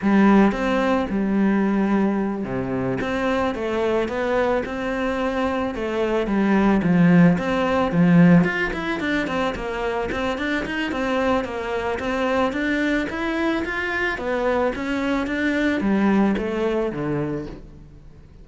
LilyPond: \new Staff \with { instrumentName = "cello" } { \time 4/4 \tempo 4 = 110 g4 c'4 g2~ | g8 c4 c'4 a4 b8~ | b8 c'2 a4 g8~ | g8 f4 c'4 f4 f'8 |
e'8 d'8 c'8 ais4 c'8 d'8 dis'8 | c'4 ais4 c'4 d'4 | e'4 f'4 b4 cis'4 | d'4 g4 a4 d4 | }